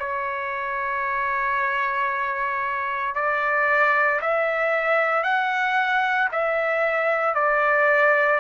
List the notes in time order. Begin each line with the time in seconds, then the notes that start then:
0.00 C#5
3.15 D5
4.22 E5
5.24 F#5
6.32 E5
7.35 D5